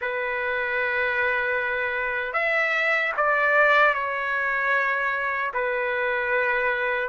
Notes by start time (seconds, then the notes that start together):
0.01 B4
2.33 E5
3.16 D5
3.94 C#5
5.53 B4